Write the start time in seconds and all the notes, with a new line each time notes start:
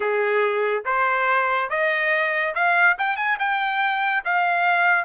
0.00 G#4
0.85 C5
1.69 D#5
2.54 F5
2.98 G5
3.16 G#5
3.39 G5
4.24 F5